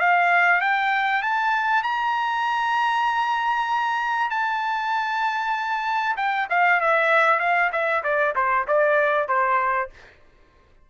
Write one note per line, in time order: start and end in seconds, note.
0.00 0.61 F5
0.61 1.23 G5
1.23 1.83 A5
1.83 4.31 A#5
4.31 6.16 A5
6.17 6.48 G5
6.50 6.81 F5
6.81 7.40 E5
7.40 7.71 F5
7.73 8.04 E5
8.04 8.35 D5
8.36 8.67 C5
8.68 9.28 D5
9.28 9.90 C5